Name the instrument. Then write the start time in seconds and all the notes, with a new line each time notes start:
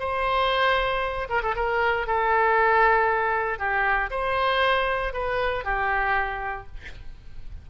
oboe
0.00 C5
1.29 A#4
1.42 A4
1.56 A#4
2.07 A4
3.59 G4
4.11 C5
5.14 B4
5.64 G4